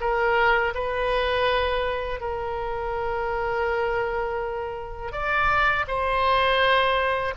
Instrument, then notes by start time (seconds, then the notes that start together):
oboe
0.00 A#4
0.74 B4
2.20 A#4
5.12 D5
5.87 C5